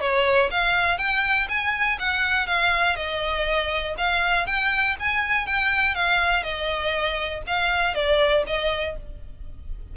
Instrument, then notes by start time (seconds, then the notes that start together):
violin
0.00 C#5
0.50 F5
0.97 G5
1.49 G#5
1.99 F#5
2.47 F5
2.96 D#5
3.97 F5
4.46 G5
4.99 G#5
5.46 G5
5.94 F5
6.43 D#5
7.47 F5
7.94 D5
8.46 D#5